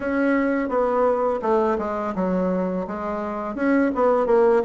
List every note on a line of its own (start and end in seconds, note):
0.00 0.68 C#4
0.68 1.40 B3
1.42 1.77 A3
1.78 2.14 G#3
2.15 2.86 F#3
2.87 3.55 G#3
3.55 3.91 C#4
3.94 4.26 B3
4.26 4.62 A#3